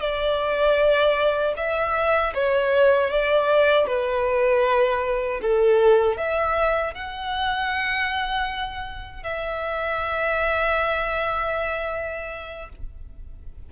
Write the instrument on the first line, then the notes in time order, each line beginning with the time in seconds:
violin
0.00 D5
1.57 E5
2.35 C#5
3.10 D5
3.87 B4
5.41 A4
6.17 E5
6.94 F#5
9.23 E5